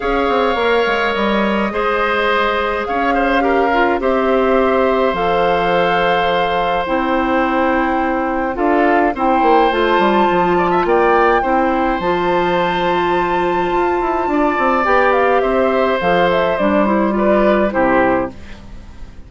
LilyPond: <<
  \new Staff \with { instrumentName = "flute" } { \time 4/4 \tempo 4 = 105 f''2 dis''2~ | dis''4 f''2 e''4~ | e''4 f''2. | g''2. f''4 |
g''4 a''2 g''4~ | g''4 a''2.~ | a''2 g''8 f''8 e''4 | f''8 e''8 d''8 c''8 d''4 c''4 | }
  \new Staff \with { instrumentName = "oboe" } { \time 4/4 cis''2. c''4~ | c''4 cis''8 c''8 ais'4 c''4~ | c''1~ | c''2. a'4 |
c''2~ c''8 d''16 e''16 d''4 | c''1~ | c''4 d''2 c''4~ | c''2 b'4 g'4 | }
  \new Staff \with { instrumentName = "clarinet" } { \time 4/4 gis'4 ais'2 gis'4~ | gis'2 g'8 f'8 g'4~ | g'4 a'2. | e'2. f'4 |
e'4 f'2. | e'4 f'2.~ | f'2 g'2 | a'4 d'8 e'8 f'4 e'4 | }
  \new Staff \with { instrumentName = "bassoon" } { \time 4/4 cis'8 c'8 ais8 gis8 g4 gis4~ | gis4 cis'2 c'4~ | c'4 f2. | c'2. d'4 |
c'8 ais8 a8 g8 f4 ais4 | c'4 f2. | f'8 e'8 d'8 c'8 b4 c'4 | f4 g2 c4 | }
>>